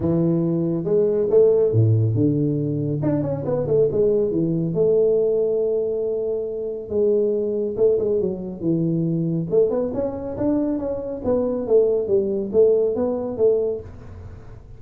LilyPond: \new Staff \with { instrumentName = "tuba" } { \time 4/4 \tempo 4 = 139 e2 gis4 a4 | a,4 d2 d'8 cis'8 | b8 a8 gis4 e4 a4~ | a1 |
gis2 a8 gis8 fis4 | e2 a8 b8 cis'4 | d'4 cis'4 b4 a4 | g4 a4 b4 a4 | }